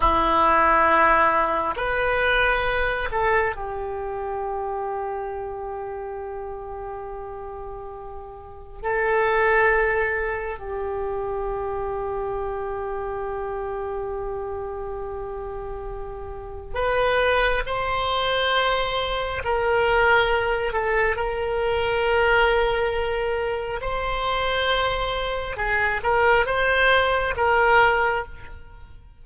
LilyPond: \new Staff \with { instrumentName = "oboe" } { \time 4/4 \tempo 4 = 68 e'2 b'4. a'8 | g'1~ | g'2 a'2 | g'1~ |
g'2. b'4 | c''2 ais'4. a'8 | ais'2. c''4~ | c''4 gis'8 ais'8 c''4 ais'4 | }